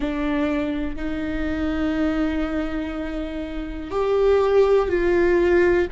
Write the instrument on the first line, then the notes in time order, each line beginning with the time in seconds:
viola
0.00 D4
0.96 D#4
3.90 G4
4.89 F4